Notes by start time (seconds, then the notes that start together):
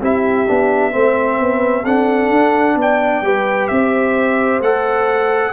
0.00 C4 E4 G4 E5
0.47 B3 D4
0.91 A3 C4 C5
1.40 B3 B4
1.83 C4 D4 A4 F#5
2.31 D4
2.76 B3 D5 G5
3.22 G3 G4 B4
3.68 C4 C5 E5
4.60 A3 A4 F#5